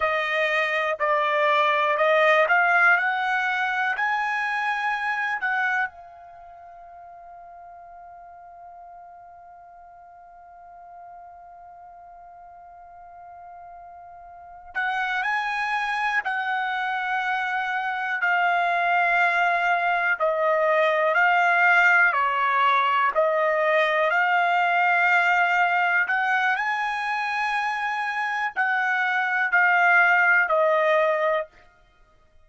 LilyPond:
\new Staff \with { instrumentName = "trumpet" } { \time 4/4 \tempo 4 = 61 dis''4 d''4 dis''8 f''8 fis''4 | gis''4. fis''8 f''2~ | f''1~ | f''2. fis''8 gis''8~ |
gis''8 fis''2 f''4.~ | f''8 dis''4 f''4 cis''4 dis''8~ | dis''8 f''2 fis''8 gis''4~ | gis''4 fis''4 f''4 dis''4 | }